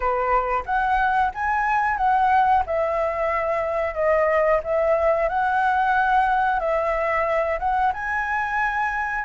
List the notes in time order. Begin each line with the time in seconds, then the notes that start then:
0.00 B4
0.65 F#5
1.34 G#5
1.97 F#5
2.66 E5
3.94 D#5
4.63 E5
5.28 F#5
6.59 E5
7.59 F#5
7.93 G#5